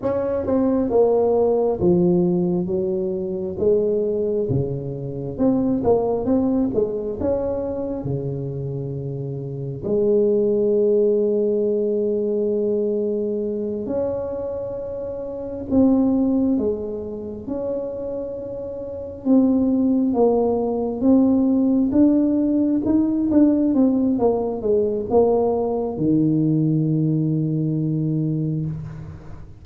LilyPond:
\new Staff \with { instrumentName = "tuba" } { \time 4/4 \tempo 4 = 67 cis'8 c'8 ais4 f4 fis4 | gis4 cis4 c'8 ais8 c'8 gis8 | cis'4 cis2 gis4~ | gis2.~ gis8 cis'8~ |
cis'4. c'4 gis4 cis'8~ | cis'4. c'4 ais4 c'8~ | c'8 d'4 dis'8 d'8 c'8 ais8 gis8 | ais4 dis2. | }